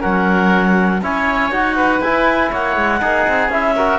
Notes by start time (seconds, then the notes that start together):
0.00 F#3 C#4 A#4 F#5
1.02 C#4 E4 C#5 G#5
1.51 D#4 F#4 F#5
1.76 B4
2.00 E4 G#5
2.51 A#3 C#5 F#5
2.76 G#3
3.00 A#3 D#4 G#4
3.27 C4
3.49 C#4 E4 E5
3.76 F#4 A#4